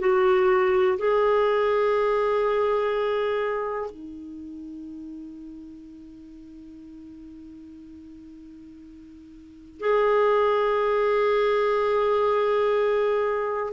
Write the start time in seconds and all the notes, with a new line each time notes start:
0.00 F#4
0.98 G#4
3.91 D#4
9.80 G#4